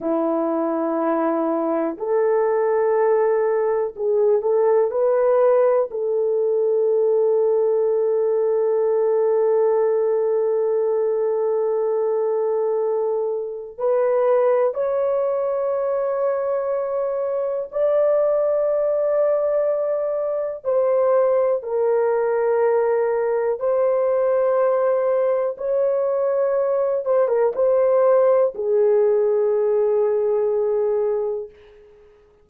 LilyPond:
\new Staff \with { instrumentName = "horn" } { \time 4/4 \tempo 4 = 61 e'2 a'2 | gis'8 a'8 b'4 a'2~ | a'1~ | a'2 b'4 cis''4~ |
cis''2 d''2~ | d''4 c''4 ais'2 | c''2 cis''4. c''16 ais'16 | c''4 gis'2. | }